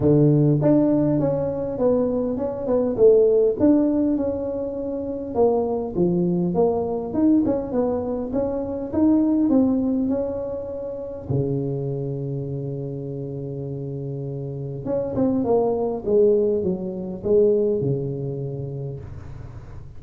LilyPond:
\new Staff \with { instrumentName = "tuba" } { \time 4/4 \tempo 4 = 101 d4 d'4 cis'4 b4 | cis'8 b8 a4 d'4 cis'4~ | cis'4 ais4 f4 ais4 | dis'8 cis'8 b4 cis'4 dis'4 |
c'4 cis'2 cis4~ | cis1~ | cis4 cis'8 c'8 ais4 gis4 | fis4 gis4 cis2 | }